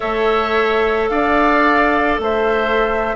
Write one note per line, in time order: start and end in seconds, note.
0.00 1.10 A3
0.00 3.16 A4
0.00 1.10 C#5
0.00 1.09 E5
1.09 2.19 D4
1.09 2.21 D5
1.09 2.19 F5
2.19 3.15 A3
2.19 3.16 C5
2.19 3.16 E5